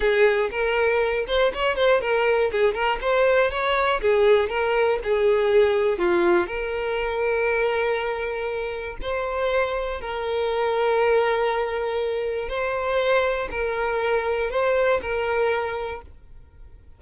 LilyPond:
\new Staff \with { instrumentName = "violin" } { \time 4/4 \tempo 4 = 120 gis'4 ais'4. c''8 cis''8 c''8 | ais'4 gis'8 ais'8 c''4 cis''4 | gis'4 ais'4 gis'2 | f'4 ais'2.~ |
ais'2 c''2 | ais'1~ | ais'4 c''2 ais'4~ | ais'4 c''4 ais'2 | }